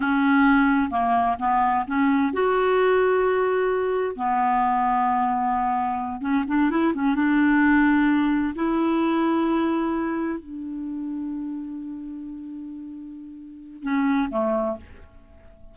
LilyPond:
\new Staff \with { instrumentName = "clarinet" } { \time 4/4 \tempo 4 = 130 cis'2 ais4 b4 | cis'4 fis'2.~ | fis'4 b2.~ | b4. cis'8 d'8 e'8 cis'8 d'8~ |
d'2~ d'8 e'4.~ | e'2~ e'8 d'4.~ | d'1~ | d'2 cis'4 a4 | }